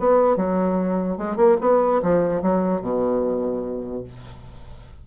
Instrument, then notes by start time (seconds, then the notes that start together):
bassoon
0.00 B3
0.37 F#3
1.18 G#3
1.37 A#3
1.61 B3
2.03 F3
2.42 F#3
2.82 B2